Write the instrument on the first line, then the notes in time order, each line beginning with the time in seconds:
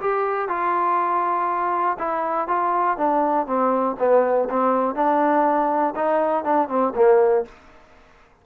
trombone
0.00 G4
0.48 F4
1.98 E4
2.47 F4
2.97 D4
3.46 C4
3.99 B3
4.50 C4
4.95 D4
5.95 D#4
6.44 D4
6.68 C4
6.95 A#3